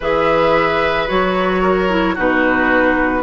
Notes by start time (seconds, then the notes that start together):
0.00 E3 G#4 B4 E5
1.07 F#3 F#4 C#5
1.61 A#4
1.89 E4
2.15 B2 D#4 F#4 B4